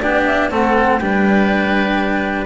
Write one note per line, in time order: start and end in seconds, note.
0.00 0.52 B3
0.00 0.51 D4
0.00 0.51 G4
0.00 0.25 D5
0.26 0.51 E5
0.51 1.00 A3
0.51 1.01 C4
0.51 1.01 A4
0.51 0.99 F#5
0.99 2.46 G3
0.99 2.46 D4
0.99 2.46 B4
0.99 2.46 G5